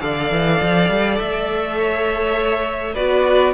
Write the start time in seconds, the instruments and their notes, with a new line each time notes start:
0.00 cello D3, viola A4, violin D5 F5
0.31 cello E3
0.62 cello F3
0.90 cello G3
1.19 cello A3, violin E5
1.78 violin C#5
2.94 cello B3, viola F#4, violin B4 D5